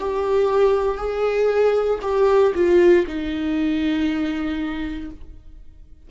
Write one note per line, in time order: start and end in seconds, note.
0.00 0.98 G4
0.98 2.00 G#4
2.02 2.53 G4
2.55 3.06 F4
3.07 5.11 D#4